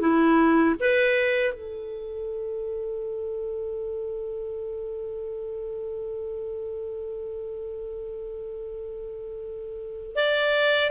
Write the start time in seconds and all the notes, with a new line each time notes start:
0.00 E4
0.79 B4
1.53 A4
10.15 D5